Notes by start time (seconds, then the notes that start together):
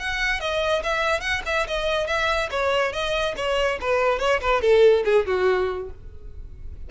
0.00 F#5
0.41 D#5
0.84 E5
1.21 F#5
1.46 E5
1.68 D#5
2.08 E5
2.51 C#5
2.93 D#5
3.37 C#5
3.81 B4
4.19 C#5
4.41 B4
4.62 A4
5.05 G#4
5.27 F#4